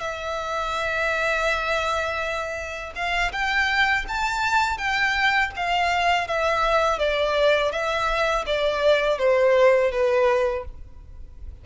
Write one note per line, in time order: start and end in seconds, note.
0.00 2.93 E5
2.95 3.32 F5
3.32 4.05 G5
4.08 4.78 A5
4.78 5.51 G5
5.56 6.27 F5
6.27 6.98 E5
6.98 7.72 D5
7.72 8.45 E5
8.46 9.18 D5
9.18 9.91 C5
9.91 10.65 B4